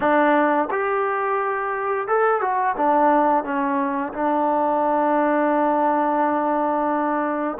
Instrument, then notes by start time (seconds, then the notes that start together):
trombone
0.00 D4
0.71 G4
2.07 A4
2.41 F#4
2.76 D4
3.44 C#4
4.13 D4